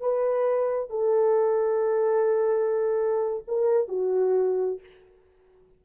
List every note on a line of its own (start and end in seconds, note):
0.00 0.90 B4
0.90 3.44 A4
3.47 3.88 A#4
3.88 4.80 F#4